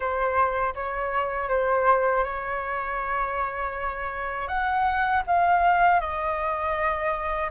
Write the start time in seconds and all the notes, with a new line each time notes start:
0.00 C5
0.75 C#5
1.48 C5
2.24 C#5
4.48 F#5
5.26 F5
6.00 D#5